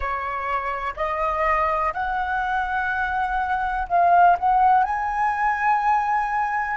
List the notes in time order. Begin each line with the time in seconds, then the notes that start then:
0.00 C#5
0.96 D#5
1.94 F#5
3.88 F5
4.38 F#5
4.83 G#5